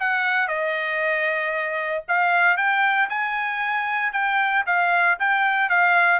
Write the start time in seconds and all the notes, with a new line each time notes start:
0.00 F#5
0.48 D#5
2.09 F5
2.57 G5
3.10 G#5
4.13 G5
4.66 F5
5.20 G5
5.70 F5